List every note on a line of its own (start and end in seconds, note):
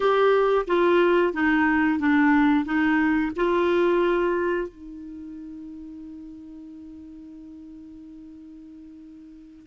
0.00 0.65 G4
0.67 1.33 F4
1.33 1.98 D#4
1.98 2.65 D4
2.65 3.32 D#4
3.36 4.68 F4
4.68 9.66 D#4